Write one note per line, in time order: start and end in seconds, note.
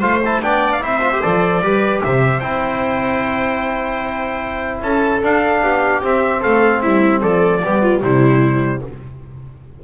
0.00 0.43 A3
0.00 0.22 F4
0.00 0.40 C5
0.00 0.22 F5
0.25 0.42 E4
0.25 0.43 A5
0.42 0.82 B3
0.42 0.80 D4
0.42 0.83 D5
0.42 0.73 G5
0.73 0.83 F5
0.80 1.22 C4
0.80 1.00 E4
0.80 1.62 C5
0.80 1.23 E5
1.01 1.11 F4
1.12 1.22 G4
1.22 1.61 F3
1.22 1.62 A4
1.22 2.02 D5
1.61 2.01 G3
1.61 2.42 G4
1.61 2.02 B4
2.03 2.42 C3
2.03 4.84 C5
2.03 2.40 E5
2.40 4.82 C4
2.40 5.22 E4
2.40 4.80 G5
4.82 5.22 C#4
4.82 5.63 A4
4.82 5.23 A5
5.23 6.03 D4
5.23 5.63 D4
5.23 6.05 F5
5.63 6.03 B3
5.63 6.41 G4
6.03 7.63 C4
6.03 6.44 C4
6.03 6.43 E5
6.41 6.84 A3
6.41 6.81 A4
6.41 6.82 F5
6.82 7.23 G3
6.82 7.21 E4
6.82 7.22 E5
7.21 7.63 F3
7.21 7.61 A4
7.21 8.03 D5
7.63 8.02 G3
7.63 8.02 B3
7.63 7.82 G4
7.82 8.02 F4
8.02 8.82 C3
8.02 8.82 G3
8.02 8.84 E4
8.02 8.84 C5